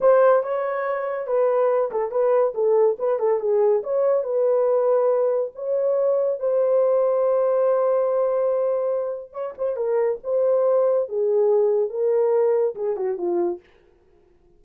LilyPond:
\new Staff \with { instrumentName = "horn" } { \time 4/4 \tempo 4 = 141 c''4 cis''2 b'4~ | b'8 a'8 b'4 a'4 b'8 a'8 | gis'4 cis''4 b'2~ | b'4 cis''2 c''4~ |
c''1~ | c''2 cis''8 c''8 ais'4 | c''2 gis'2 | ais'2 gis'8 fis'8 f'4 | }